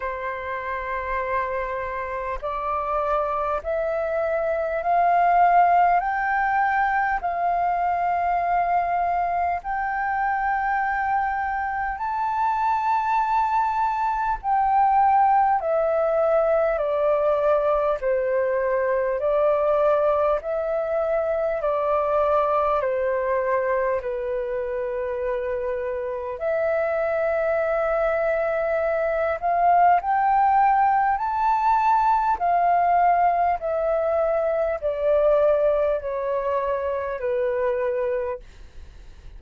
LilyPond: \new Staff \with { instrumentName = "flute" } { \time 4/4 \tempo 4 = 50 c''2 d''4 e''4 | f''4 g''4 f''2 | g''2 a''2 | g''4 e''4 d''4 c''4 |
d''4 e''4 d''4 c''4 | b'2 e''2~ | e''8 f''8 g''4 a''4 f''4 | e''4 d''4 cis''4 b'4 | }